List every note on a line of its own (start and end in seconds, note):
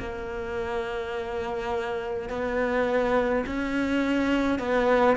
0.00 2.30 A#3
2.30 3.45 B3
3.47 4.59 C#4
4.59 5.17 B3